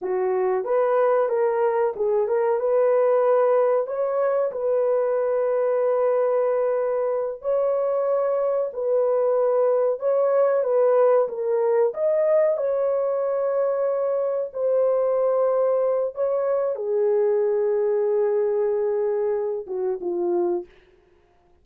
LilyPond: \new Staff \with { instrumentName = "horn" } { \time 4/4 \tempo 4 = 93 fis'4 b'4 ais'4 gis'8 ais'8 | b'2 cis''4 b'4~ | b'2.~ b'8 cis''8~ | cis''4. b'2 cis''8~ |
cis''8 b'4 ais'4 dis''4 cis''8~ | cis''2~ cis''8 c''4.~ | c''4 cis''4 gis'2~ | gis'2~ gis'8 fis'8 f'4 | }